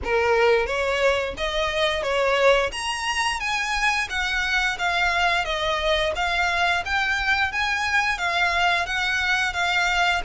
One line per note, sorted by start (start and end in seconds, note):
0.04 0.66 A#4
0.66 1.34 C#5
1.37 2.02 D#5
2.02 2.71 C#5
2.72 3.39 A#5
3.39 4.08 G#5
4.09 4.77 F#5
4.78 5.44 F5
5.44 6.12 D#5
6.15 6.83 F5
6.85 7.52 G5
7.52 8.18 G#5
8.18 8.86 F5
8.86 9.53 F#5
9.53 10.21 F5